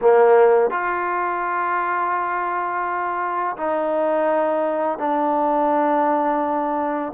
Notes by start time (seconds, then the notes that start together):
0.01 A#3
0.70 F4
3.56 D#4
4.98 D4